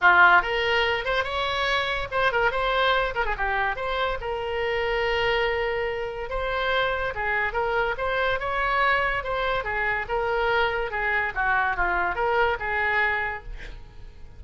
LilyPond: \new Staff \with { instrumentName = "oboe" } { \time 4/4 \tempo 4 = 143 f'4 ais'4. c''8 cis''4~ | cis''4 c''8 ais'8 c''4. ais'16 gis'16 | g'4 c''4 ais'2~ | ais'2. c''4~ |
c''4 gis'4 ais'4 c''4 | cis''2 c''4 gis'4 | ais'2 gis'4 fis'4 | f'4 ais'4 gis'2 | }